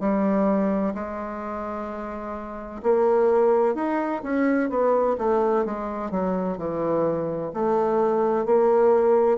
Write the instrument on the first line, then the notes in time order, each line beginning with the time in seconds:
bassoon
0.00 G3
0.95 G#3
2.83 A#3
3.75 D#4
4.24 C#4
4.70 B3
5.19 A3
5.65 G#3
6.11 F#3
6.58 E3
7.54 A3
8.46 A#3